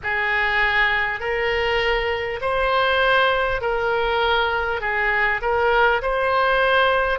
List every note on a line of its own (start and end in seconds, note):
0.03 1.19 G#4
1.19 2.39 A#4
2.41 3.61 C5
3.61 4.81 A#4
4.81 5.41 G#4
5.41 6.01 A#4
6.02 7.19 C5